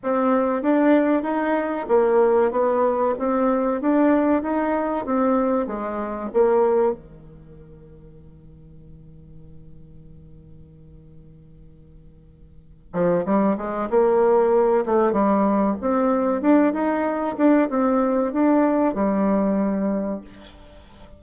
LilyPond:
\new Staff \with { instrumentName = "bassoon" } { \time 4/4 \tempo 4 = 95 c'4 d'4 dis'4 ais4 | b4 c'4 d'4 dis'4 | c'4 gis4 ais4 dis4~ | dis1~ |
dis1~ | dis8 f8 g8 gis8 ais4. a8 | g4 c'4 d'8 dis'4 d'8 | c'4 d'4 g2 | }